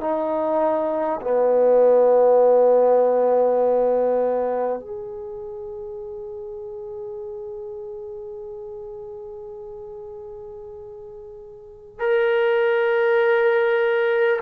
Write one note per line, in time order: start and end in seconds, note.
0.00 1.20 D#4
1.21 4.79 B3
4.79 11.99 G#4
11.99 14.39 A#4